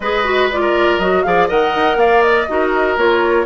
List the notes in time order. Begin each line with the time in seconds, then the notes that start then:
0.00 G#3 G#4 B4 D#5
0.24 F#4
0.51 F4 D5
0.60 A#4
0.98 F#3 F#4 D#5
1.22 F3 G#4 D5 F5
1.47 D#3 A#4 D#5 F#5
1.75 D#4
1.96 A#3 D5 F5
2.22 D#5
2.48 D#4 F#4 A#4
2.96 A#3 F4 C#5